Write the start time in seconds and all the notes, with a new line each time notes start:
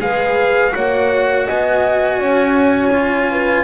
0.00 G#3 G#4 B4 F5
0.70 A#3 F#4 C#5 F#5
1.46 B3 D#5 G#5
2.19 C#4 C#5
2.93 F4
3.31 B4